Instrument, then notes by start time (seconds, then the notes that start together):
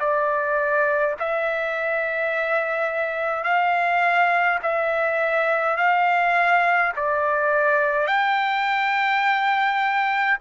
trumpet
0.00 D5
1.20 E5
3.44 F5
4.63 E5
5.77 F5
6.97 D5
8.07 G5